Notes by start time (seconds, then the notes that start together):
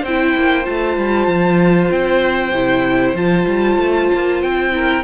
0.00 C4 C5 G5
0.08 E4
0.35 A#3
0.63 A3 F4 A5
0.97 G3
1.27 F3
1.91 C4 G5
2.51 C3 E4
3.14 F3 F4 A5
3.46 G3
3.77 A3
4.13 A#3
4.42 C4 G5
4.72 E4 A#4